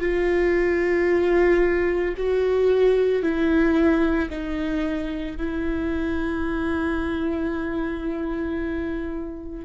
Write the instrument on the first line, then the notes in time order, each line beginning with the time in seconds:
viola
0.00 F4
2.17 F#4
3.22 E4
4.30 D#4
5.37 E4